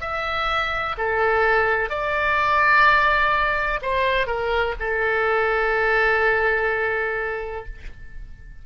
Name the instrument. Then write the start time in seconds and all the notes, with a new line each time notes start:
oboe
0.00 E5
0.97 A4
1.89 D5
3.81 C5
4.26 A#4
4.79 A4